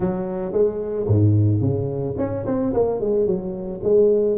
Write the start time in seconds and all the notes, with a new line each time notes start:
0.00 F#3
0.52 G#3
1.07 G#2
1.61 C#3
2.17 C#4
2.46 C4
2.73 A#3
3.00 G#3
3.26 F#3
3.83 G#3